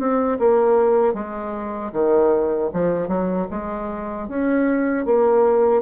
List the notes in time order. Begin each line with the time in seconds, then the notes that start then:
0.00 C4
0.40 A#3
1.14 G#3
1.93 D#3
2.73 F3
3.09 F#3
3.51 G#3
4.29 C#4
5.06 A#3